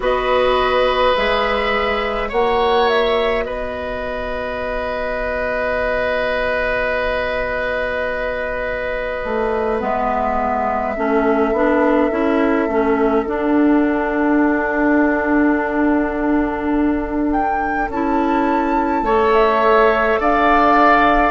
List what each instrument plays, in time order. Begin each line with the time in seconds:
0.00 bassoon B3, clarinet F#4, oboe B4, flute D#5
1.15 bassoon G#3, clarinet G#4, flute E5
2.28 bassoon A#3, clarinet F#4, oboe C#5, flute F#5
2.88 flute E5
3.44 bassoon B3, oboe B4, flute D#5
9.24 bassoon A3
9.79 bassoon G#3, clarinet B3, flute E5
10.95 bassoon A3, clarinet C#4, oboe A4
11.52 bassoon B3, clarinet D4
12.10 bassoon C#4, clarinet E4
12.67 bassoon A3, clarinet C#4
13.25 clarinet D4, bassoon D4, flute F#5
17.31 flute G5
17.88 bassoon C#4, clarinet E4, flute A5
19.01 bassoon A3, clarinet A4, oboe C#5
19.33 flute E5
20.19 bassoon D4, oboe D5, flute F5